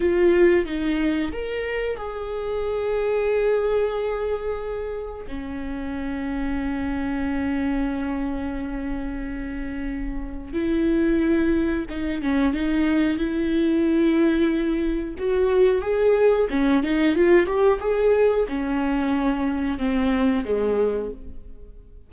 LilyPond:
\new Staff \with { instrumentName = "viola" } { \time 4/4 \tempo 4 = 91 f'4 dis'4 ais'4 gis'4~ | gis'1 | cis'1~ | cis'1 |
e'2 dis'8 cis'8 dis'4 | e'2. fis'4 | gis'4 cis'8 dis'8 f'8 g'8 gis'4 | cis'2 c'4 gis4 | }